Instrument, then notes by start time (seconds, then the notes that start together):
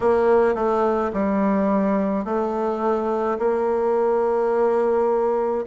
bassoon
0.00 A#3
0.54 A3
1.13 G3
2.24 A3
3.38 A#3